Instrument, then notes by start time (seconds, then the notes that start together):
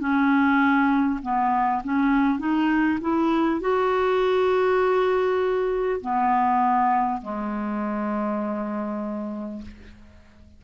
clarinet
0.00 C#4
1.23 B3
1.84 C#4
2.39 D#4
3.01 E4
3.61 F#4
6.01 B3
7.22 G#3